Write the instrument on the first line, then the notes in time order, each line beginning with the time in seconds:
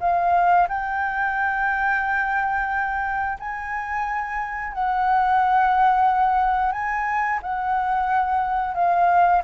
flute
0.00 F5
0.68 G5
3.40 G#5
4.73 F#5
6.72 G#5
7.42 F#5
8.74 F5